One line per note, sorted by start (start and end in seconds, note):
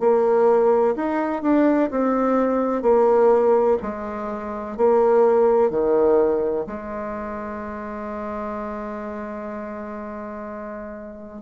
0.00 0.95 A#3
0.96 1.42 D#4
1.42 1.90 D4
1.91 2.82 C4
2.82 3.77 A#3
3.82 4.77 G#3
4.77 5.71 A#3
5.71 6.66 D#3
6.67 11.42 G#3